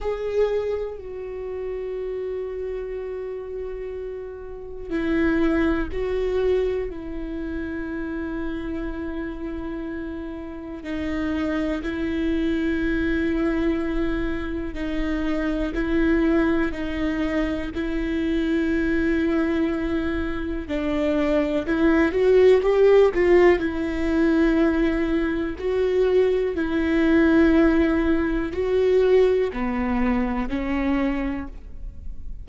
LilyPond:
\new Staff \with { instrumentName = "viola" } { \time 4/4 \tempo 4 = 61 gis'4 fis'2.~ | fis'4 e'4 fis'4 e'4~ | e'2. dis'4 | e'2. dis'4 |
e'4 dis'4 e'2~ | e'4 d'4 e'8 fis'8 g'8 f'8 | e'2 fis'4 e'4~ | e'4 fis'4 b4 cis'4 | }